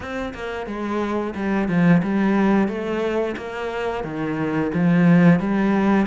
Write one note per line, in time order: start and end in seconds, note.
0.00 0.33 C4
0.34 0.66 A#3
0.66 1.33 G#3
1.35 1.68 G3
1.68 2.02 F3
2.03 2.68 G3
2.68 3.35 A3
3.36 4.04 A#3
4.04 4.71 D#3
4.73 5.39 F3
5.39 6.06 G3